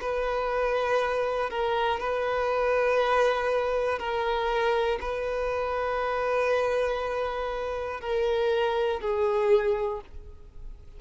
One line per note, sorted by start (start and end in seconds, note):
0.00 1.50 B4
1.50 2.00 A#4
2.00 3.98 B4
3.98 4.98 A#4
5.00 8.00 B4
8.00 9.00 A#4
9.00 10.00 G#4